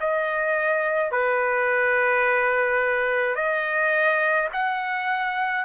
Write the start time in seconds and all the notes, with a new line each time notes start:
0.00 D#5
1.11 B4
3.35 D#5
4.53 F#5